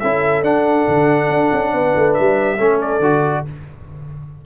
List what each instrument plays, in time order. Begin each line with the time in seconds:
0.00 tuba C#4, trombone E4, horn A4, trumpet E5
0.42 tuba D4, trombone D4, trumpet F#5
0.88 tuba D3
1.29 tuba D4
1.53 tuba C#4
1.73 tuba B3, horn B4
1.95 tuba A3
2.14 tuba G3, trumpet E5
2.57 tuba A3, trombone C#4, horn A4
2.81 trumpet D5
3.00 tuba D3, trombone F#4